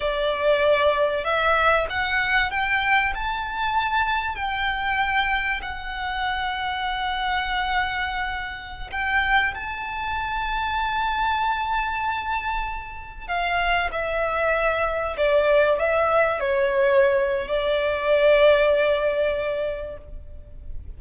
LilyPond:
\new Staff \with { instrumentName = "violin" } { \time 4/4 \tempo 4 = 96 d''2 e''4 fis''4 | g''4 a''2 g''4~ | g''4 fis''2.~ | fis''2~ fis''16 g''4 a''8.~ |
a''1~ | a''4~ a''16 f''4 e''4.~ e''16~ | e''16 d''4 e''4 cis''4.~ cis''16 | d''1 | }